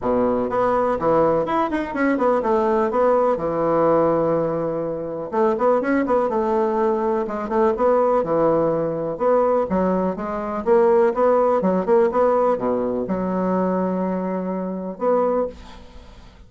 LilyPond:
\new Staff \with { instrumentName = "bassoon" } { \time 4/4 \tempo 4 = 124 b,4 b4 e4 e'8 dis'8 | cis'8 b8 a4 b4 e4~ | e2. a8 b8 | cis'8 b8 a2 gis8 a8 |
b4 e2 b4 | fis4 gis4 ais4 b4 | fis8 ais8 b4 b,4 fis4~ | fis2. b4 | }